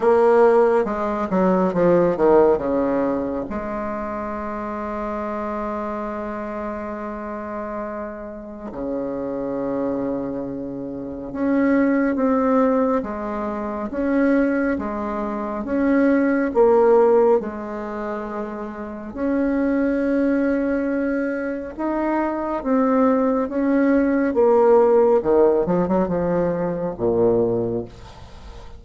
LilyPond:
\new Staff \with { instrumentName = "bassoon" } { \time 4/4 \tempo 4 = 69 ais4 gis8 fis8 f8 dis8 cis4 | gis1~ | gis2 cis2~ | cis4 cis'4 c'4 gis4 |
cis'4 gis4 cis'4 ais4 | gis2 cis'2~ | cis'4 dis'4 c'4 cis'4 | ais4 dis8 f16 fis16 f4 ais,4 | }